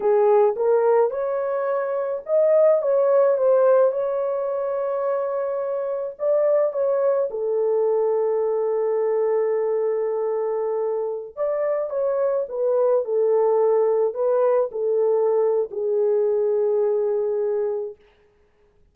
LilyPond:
\new Staff \with { instrumentName = "horn" } { \time 4/4 \tempo 4 = 107 gis'4 ais'4 cis''2 | dis''4 cis''4 c''4 cis''4~ | cis''2. d''4 | cis''4 a'2.~ |
a'1~ | a'16 d''4 cis''4 b'4 a'8.~ | a'4~ a'16 b'4 a'4.~ a'16 | gis'1 | }